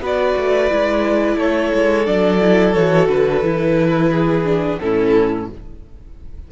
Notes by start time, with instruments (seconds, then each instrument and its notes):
0.00 cello B3, viola F#4, violin B4 D5
0.37 cello A3
0.70 cello G#3, viola E4
1.36 cello A3, violin A4 C#5
1.74 cello G#3
2.05 cello F#3, viola D4, violin D5
2.41 viola E4
2.74 cello E3, viola F#4, violin C#5
3.08 cello D3, violin B4
3.42 cello E3, viola E4
4.12 violin G#4
4.44 viola D4
4.79 cello A2, viola C#4, violin E4 A4